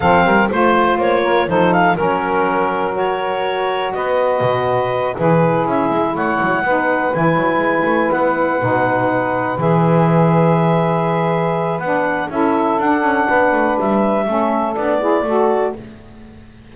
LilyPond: <<
  \new Staff \with { instrumentName = "clarinet" } { \time 4/4 \tempo 4 = 122 f''4 c''4 cis''4 c''8 f''8 | ais'2 cis''2 | dis''2~ dis''8 b'4 e''8~ | e''8 fis''2 gis''4.~ |
gis''8 fis''2. e''8~ | e''1 | fis''4 e''4 fis''2 | e''2 d''2 | }
  \new Staff \with { instrumentName = "saxophone" } { \time 4/4 a'8 ais'8 c''4. ais'8 a'4 | ais'1 | b'2~ b'8 gis'4.~ | gis'8 cis''4 b'2~ b'8~ |
b'1~ | b'1~ | b'4 a'2 b'4~ | b'4 a'4. gis'8 a'4 | }
  \new Staff \with { instrumentName = "saxophone" } { \time 4/4 c'4 f'2 dis'4 | cis'2 fis'2~ | fis'2~ fis'8 e'4.~ | e'4. dis'4 e'4.~ |
e'4. dis'2 gis'8~ | gis'1 | d'4 e'4 d'2~ | d'4 cis'4 d'8 e'8 fis'4 | }
  \new Staff \with { instrumentName = "double bass" } { \time 4/4 f8 g8 a4 ais4 f4 | fis1 | b4 b,4. e4 cis'8 | gis8 a8 fis8 b4 e8 fis8 gis8 |
a8 b4 b,2 e8~ | e1 | b4 cis'4 d'8 cis'8 b8 a8 | g4 a4 b4 a4 | }
>>